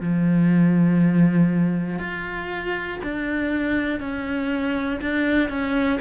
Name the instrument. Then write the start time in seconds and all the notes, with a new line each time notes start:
cello
0.00 F3
1.98 F4
3.03 D4
4.00 C#4
5.00 D4
5.49 C#4